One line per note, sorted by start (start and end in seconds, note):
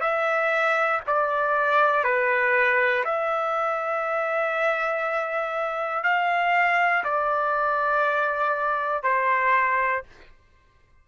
0.00 1.00 E5
1.06 2.04 D5
2.04 3.04 B4
3.04 6.03 E5
6.03 7.03 F5
7.04 9.03 D5
9.03 10.03 C5